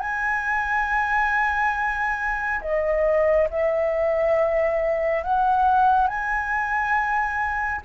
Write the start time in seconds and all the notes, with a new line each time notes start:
0.00 G#5
2.62 D#5
3.50 E5
5.23 F#5
6.08 G#5